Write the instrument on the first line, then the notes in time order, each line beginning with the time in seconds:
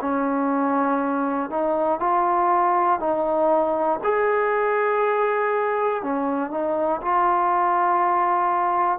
trombone
0.00 C#4
1.50 D#4
1.99 F4
2.99 D#4
4.03 G#4
6.02 C#4
6.50 D#4
7.01 F4